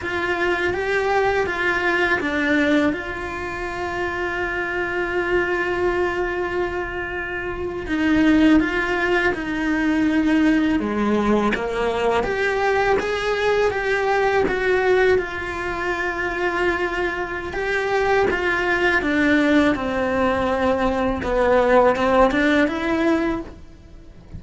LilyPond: \new Staff \with { instrumentName = "cello" } { \time 4/4 \tempo 4 = 82 f'4 g'4 f'4 d'4 | f'1~ | f'2~ f'8. dis'4 f'16~ | f'8. dis'2 gis4 ais16~ |
ais8. g'4 gis'4 g'4 fis'16~ | fis'8. f'2.~ f'16 | g'4 f'4 d'4 c'4~ | c'4 b4 c'8 d'8 e'4 | }